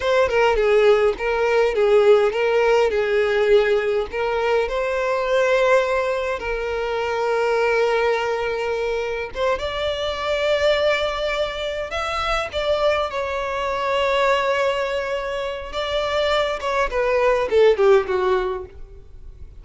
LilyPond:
\new Staff \with { instrumentName = "violin" } { \time 4/4 \tempo 4 = 103 c''8 ais'8 gis'4 ais'4 gis'4 | ais'4 gis'2 ais'4 | c''2. ais'4~ | ais'1 |
c''8 d''2.~ d''8~ | d''8 e''4 d''4 cis''4.~ | cis''2. d''4~ | d''8 cis''8 b'4 a'8 g'8 fis'4 | }